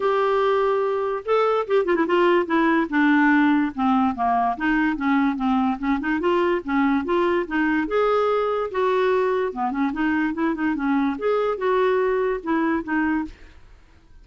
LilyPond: \new Staff \with { instrumentName = "clarinet" } { \time 4/4 \tempo 4 = 145 g'2. a'4 | g'8 f'16 e'16 f'4 e'4 d'4~ | d'4 c'4 ais4 dis'4 | cis'4 c'4 cis'8 dis'8 f'4 |
cis'4 f'4 dis'4 gis'4~ | gis'4 fis'2 b8 cis'8 | dis'4 e'8 dis'8 cis'4 gis'4 | fis'2 e'4 dis'4 | }